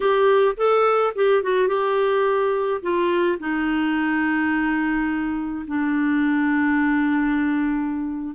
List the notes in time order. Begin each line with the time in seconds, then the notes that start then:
0.00 G4
0.57 A4
1.15 G4
1.42 F#4
1.67 G4
2.81 F4
3.39 D#4
5.67 D4